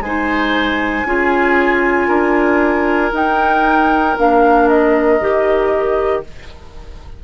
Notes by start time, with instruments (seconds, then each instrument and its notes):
0.00 bassoon G#3, clarinet D#4, oboe C5, flute G#5
1.05 bassoon C#4, clarinet F4, oboe G#4
2.07 bassoon D4, oboe A#4
3.11 clarinet D#4, bassoon D#4, flute G5
4.18 bassoon A#3, clarinet D4, flute F5
4.68 flute D#5
5.20 bassoon D#3, clarinet G4